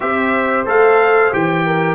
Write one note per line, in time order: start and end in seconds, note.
0.00 0.66 C4
0.00 0.66 G4
0.00 1.66 C5
0.00 0.66 E5
0.66 1.31 A3
0.66 1.31 A4
0.66 1.33 F5
1.31 1.94 E3
1.31 1.94 G4
1.31 1.94 G5
1.66 1.94 A#4